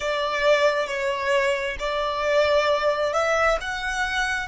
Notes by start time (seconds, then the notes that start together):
0.00 D5
0.87 C#5
1.79 D5
3.13 E5
3.60 F#5